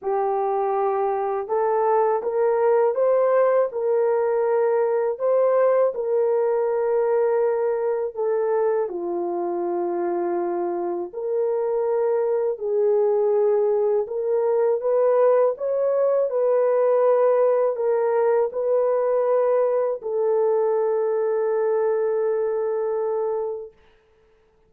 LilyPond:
\new Staff \with { instrumentName = "horn" } { \time 4/4 \tempo 4 = 81 g'2 a'4 ais'4 | c''4 ais'2 c''4 | ais'2. a'4 | f'2. ais'4~ |
ais'4 gis'2 ais'4 | b'4 cis''4 b'2 | ais'4 b'2 a'4~ | a'1 | }